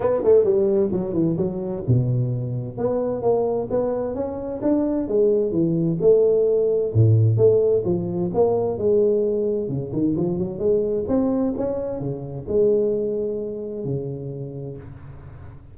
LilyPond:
\new Staff \with { instrumentName = "tuba" } { \time 4/4 \tempo 4 = 130 b8 a8 g4 fis8 e8 fis4 | b,2 b4 ais4 | b4 cis'4 d'4 gis4 | e4 a2 a,4 |
a4 f4 ais4 gis4~ | gis4 cis8 dis8 f8 fis8 gis4 | c'4 cis'4 cis4 gis4~ | gis2 cis2 | }